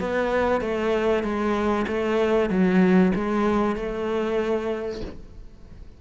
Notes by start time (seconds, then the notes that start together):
0.00 B3
0.61 A3
1.24 G#3
1.88 A3
2.50 F#3
3.15 G#3
3.76 A3